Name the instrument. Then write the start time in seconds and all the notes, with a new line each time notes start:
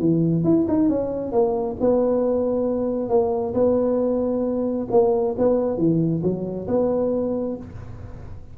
tuba
0.00 E3
0.44 E4
0.69 D#4
0.89 C#4
1.32 A#3
1.81 B3
3.09 A#3
3.55 B3
4.91 A#3
5.39 B3
5.78 E3
6.23 F#3
6.68 B3